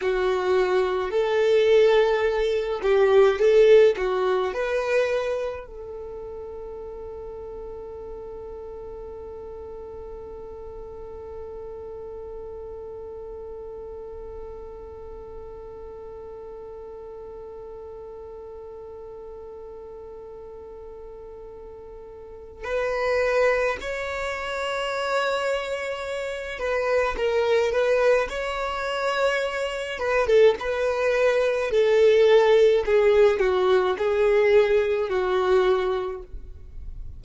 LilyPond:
\new Staff \with { instrumentName = "violin" } { \time 4/4 \tempo 4 = 53 fis'4 a'4. g'8 a'8 fis'8 | b'4 a'2.~ | a'1~ | a'1~ |
a'1 | b'4 cis''2~ cis''8 b'8 | ais'8 b'8 cis''4. b'16 a'16 b'4 | a'4 gis'8 fis'8 gis'4 fis'4 | }